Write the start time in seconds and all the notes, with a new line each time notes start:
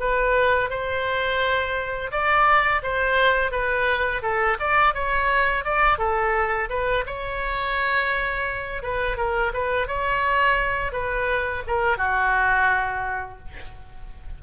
0.00 B4
0.70 C5
2.12 D5
2.83 C5
3.52 B4
4.23 A4
4.60 D5
4.94 C#5
5.65 D5
5.99 A4
6.70 B4
7.07 C#5
8.83 B4
9.17 A#4
9.54 B4
9.88 C#5
10.93 B4
11.67 A#4
11.97 F#4